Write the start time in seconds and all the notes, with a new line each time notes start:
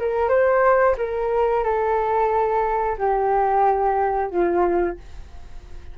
0.00 A#4
0.29 C5
0.98 A#4
1.64 A4
2.98 G4
4.31 F4